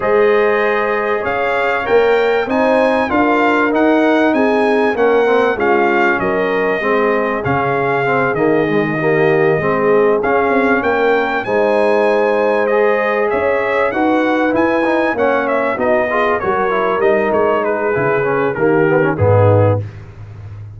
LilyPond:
<<
  \new Staff \with { instrumentName = "trumpet" } { \time 4/4 \tempo 4 = 97 dis''2 f''4 g''4 | gis''4 f''4 fis''4 gis''4 | fis''4 f''4 dis''2 | f''4. dis''2~ dis''8~ |
dis''8 f''4 g''4 gis''4.~ | gis''8 dis''4 e''4 fis''4 gis''8~ | gis''8 fis''8 e''8 dis''4 cis''4 dis''8 | cis''8 b'4. ais'4 gis'4 | }
  \new Staff \with { instrumentName = "horn" } { \time 4/4 c''2 cis''2 | c''4 ais'2 gis'4 | ais'4 f'4 ais'4 gis'4~ | gis'2~ gis'8 g'4 gis'8~ |
gis'4. ais'4 c''4.~ | c''4. cis''4 b'4.~ | b'8 cis''4 fis'8 gis'8 ais'4.~ | ais'8 gis'4. g'4 dis'4 | }
  \new Staff \with { instrumentName = "trombone" } { \time 4/4 gis'2. ais'4 | dis'4 f'4 dis'2 | cis'8 c'8 cis'2 c'4 | cis'4 c'8 ais8 gis8 ais4 c'8~ |
c'8 cis'2 dis'4.~ | dis'8 gis'2 fis'4 e'8 | dis'8 cis'4 dis'8 f'8 fis'8 e'8 dis'8~ | dis'4 e'8 cis'8 ais8 b16 cis'16 b4 | }
  \new Staff \with { instrumentName = "tuba" } { \time 4/4 gis2 cis'4 ais4 | c'4 d'4 dis'4 c'4 | ais4 gis4 fis4 gis4 | cis4. dis2 gis8~ |
gis8 cis'8 c'8 ais4 gis4.~ | gis4. cis'4 dis'4 e'8~ | e'8 ais4 b4 fis4 g8 | gis4 cis4 dis4 gis,4 | }
>>